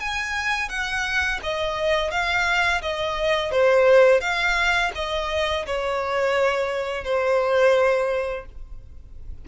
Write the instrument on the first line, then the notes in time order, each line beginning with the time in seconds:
violin
0.00 G#5
0.69 F#5
1.43 D#5
2.11 F5
2.82 D#5
3.51 C5
4.21 F5
4.95 D#5
5.67 C#5
7.04 C5